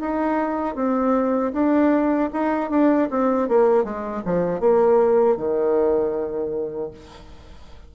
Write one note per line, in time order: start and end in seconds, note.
0.00 0.75 D#4
0.75 1.52 C4
1.52 2.29 D4
2.33 2.70 D#4
2.70 3.08 D4
3.10 3.48 C4
3.48 3.84 A#3
3.84 4.22 G#3
4.25 4.60 F3
4.60 5.37 A#3
5.37 6.91 D#3